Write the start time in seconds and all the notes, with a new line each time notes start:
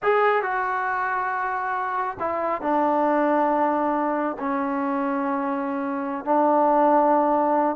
0.02 G#4
0.42 F#4
2.19 E4
2.61 D4
4.39 C#4
6.24 D4